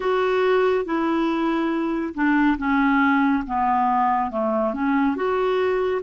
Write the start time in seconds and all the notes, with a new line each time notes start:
0.00 F#4
0.85 E4
2.14 D4
2.58 C#4
3.46 B3
4.31 A3
4.73 C#4
5.15 F#4